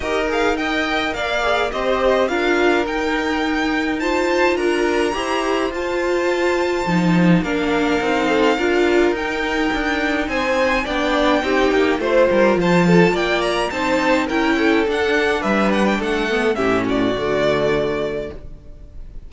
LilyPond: <<
  \new Staff \with { instrumentName = "violin" } { \time 4/4 \tempo 4 = 105 dis''8 f''8 g''4 f''4 dis''4 | f''4 g''2 a''4 | ais''2 a''2~ | a''4 f''2. |
g''2 gis''4 g''4~ | g''4 c''4 a''4 g''8 ais''8 | a''4 g''4 fis''4 e''8 fis''16 g''16 | fis''4 e''8 d''2~ d''8 | }
  \new Staff \with { instrumentName = "violin" } { \time 4/4 ais'4 dis''4 d''4 c''4 | ais'2. c''4 | ais'4 c''2.~ | c''4 ais'4. a'8 ais'4~ |
ais'2 c''4 d''4 | g'4 c''8 ais'8 c''8 a'8 d''4 | c''4 ais'8 a'4. b'4 | a'4 g'8 fis'2~ fis'8 | }
  \new Staff \with { instrumentName = "viola" } { \time 4/4 g'8 gis'8 ais'4. gis'8 g'4 | f'4 dis'2 f'4~ | f'4 g'4 f'2 | dis'4 d'4 dis'4 f'4 |
dis'2. d'4 | dis'4 f'2. | dis'4 e'4 d'2~ | d'8 b8 cis'4 a2 | }
  \new Staff \with { instrumentName = "cello" } { \time 4/4 dis'2 ais4 c'4 | d'4 dis'2. | d'4 e'4 f'2 | f4 ais4 c'4 d'4 |
dis'4 d'4 c'4 b4 | c'8 ais8 a8 g8 f4 ais4 | c'4 cis'4 d'4 g4 | a4 a,4 d2 | }
>>